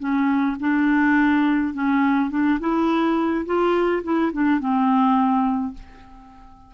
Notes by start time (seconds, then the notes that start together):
0.00 C#4
0.60 D4
1.74 C#4
2.31 D4
2.60 E4
3.46 F4
4.04 E4
4.33 D4
4.60 C4